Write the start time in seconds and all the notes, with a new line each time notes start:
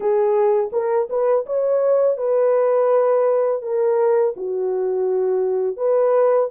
0.00 G#4
0.72 A#4
1.09 B4
1.46 C#5
2.17 B4
3.61 A#4
4.36 F#4
5.76 B4